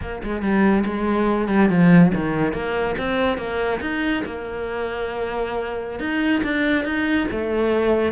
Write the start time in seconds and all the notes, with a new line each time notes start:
0.01 A#3
0.23 G#3
0.42 G3
0.85 G#3
1.48 G3
1.69 F3
2.14 D#3
2.53 A#3
2.98 C4
3.37 A#3
3.80 D#4
4.25 A#3
5.99 D#4
6.43 D4
6.85 D#4
7.31 A3